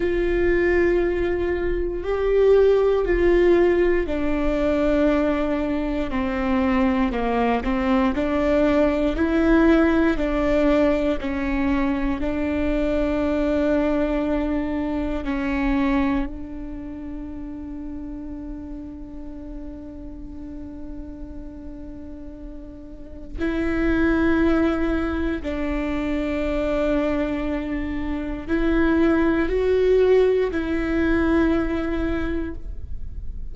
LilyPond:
\new Staff \with { instrumentName = "viola" } { \time 4/4 \tempo 4 = 59 f'2 g'4 f'4 | d'2 c'4 ais8 c'8 | d'4 e'4 d'4 cis'4 | d'2. cis'4 |
d'1~ | d'2. e'4~ | e'4 d'2. | e'4 fis'4 e'2 | }